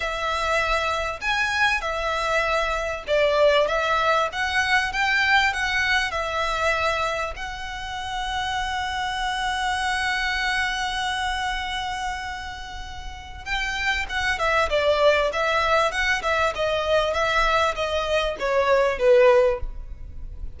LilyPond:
\new Staff \with { instrumentName = "violin" } { \time 4/4 \tempo 4 = 98 e''2 gis''4 e''4~ | e''4 d''4 e''4 fis''4 | g''4 fis''4 e''2 | fis''1~ |
fis''1~ | fis''2 g''4 fis''8 e''8 | d''4 e''4 fis''8 e''8 dis''4 | e''4 dis''4 cis''4 b'4 | }